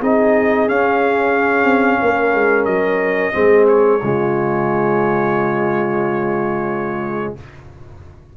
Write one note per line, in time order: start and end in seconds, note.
0.00 0.68 C4
0.00 0.69 D#4
0.00 2.00 G#4
0.00 0.69 D#5
0.68 1.64 C#4
0.68 3.33 C#4
0.68 2.65 F5
1.64 1.98 C4
2.02 2.34 A#3
2.02 3.35 A#4
2.34 2.66 G#3
2.65 3.33 F#3
2.65 3.65 D#5
3.33 4.02 G#3
3.33 3.99 C4
3.33 4.01 G#4
3.68 7.35 C#5
4.02 7.36 C#3
4.02 7.37 G#3
4.02 7.37 F4